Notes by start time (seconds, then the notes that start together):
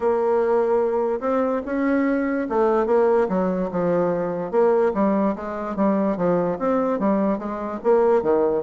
0.00 A#3
1.20 C4
1.65 C#4
2.49 A3
2.86 A#3
3.28 F#3
3.71 F3
4.51 A#3
4.94 G3
5.35 G#3
5.76 G3
6.16 F3
6.59 C4
6.99 G3
7.38 G#3
7.83 A#3
8.22 D#3